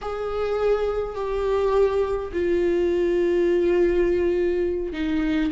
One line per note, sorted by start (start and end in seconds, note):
0.01 1.15 G#4
1.15 2.31 G4
2.32 4.92 F4
4.92 5.51 D#4